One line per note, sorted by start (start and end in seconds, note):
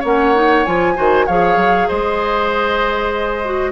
0.00 0.66 A#3
0.00 0.34 C#4
0.00 0.93 C#5
0.00 0.65 F#5
0.34 0.65 D#4
0.65 0.98 F3
0.65 0.95 F4
0.65 1.26 G#5
0.95 1.28 D#3
0.95 1.26 F#4
0.95 1.26 C5
1.26 1.56 F3
1.26 3.45 G#4
1.26 1.88 C#5
1.26 1.88 F5
1.56 1.87 F#3
1.88 3.71 G#3
1.88 3.71 C5
1.88 3.71 D#5
3.45 3.71 F#4